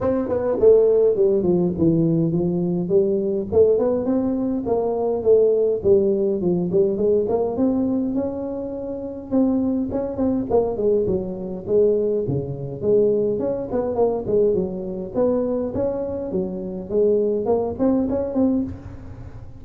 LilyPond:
\new Staff \with { instrumentName = "tuba" } { \time 4/4 \tempo 4 = 103 c'8 b8 a4 g8 f8 e4 | f4 g4 a8 b8 c'4 | ais4 a4 g4 f8 g8 | gis8 ais8 c'4 cis'2 |
c'4 cis'8 c'8 ais8 gis8 fis4 | gis4 cis4 gis4 cis'8 b8 | ais8 gis8 fis4 b4 cis'4 | fis4 gis4 ais8 c'8 cis'8 c'8 | }